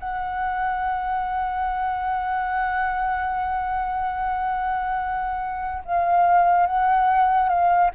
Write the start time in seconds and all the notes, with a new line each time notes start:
0.00 F#5
5.85 F5
6.67 F#5
7.49 F5